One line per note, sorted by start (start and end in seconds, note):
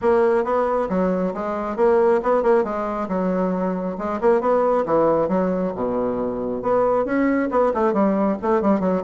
0.01 0.44 A#3
0.44 0.88 B3
0.89 1.33 F#3
1.34 1.76 G#3
1.76 2.20 A#3
2.22 2.42 B3
2.42 2.64 A#3
2.64 3.08 G#3
3.08 3.96 F#3
3.97 4.20 G#3
4.21 4.40 A#3
4.40 4.84 B3
4.85 5.28 E3
5.28 5.72 F#3
5.75 6.62 B2
6.62 7.05 B3
7.05 7.49 C#4
7.50 7.72 B3
7.74 7.93 A3
7.93 8.37 G3
8.42 8.61 A3
8.61 8.80 G3
8.80 9.02 F#3